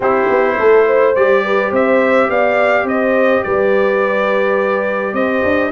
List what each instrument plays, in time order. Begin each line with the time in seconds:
0.00 tuba C4, trombone E4, horn G4, trumpet C5
0.29 tuba B3
0.58 tuba A3, horn A4
0.86 horn C5
1.15 tuba G3, trombone G4, trumpet D5
1.44 horn B4
1.71 tuba C4, horn C5, trumpet E5
2.29 tuba B3, horn D5, trumpet F5
2.84 tuba C4, horn C5, trumpet D#5
3.43 tuba G3, horn B4, trumpet D5
5.13 tuba C4, horn C5, trumpet D#5
5.43 tuba D4